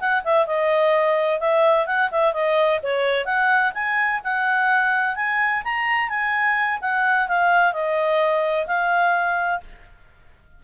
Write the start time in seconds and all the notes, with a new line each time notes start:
0.00 F#5
0.24 E5
0.46 D#5
1.40 E5
1.86 F#5
2.12 E5
2.33 D#5
2.83 C#5
3.25 F#5
3.74 G#5
4.24 F#5
5.16 G#5
5.64 A#5
6.09 G#5
6.81 F#5
7.28 F5
7.73 D#5
8.67 F5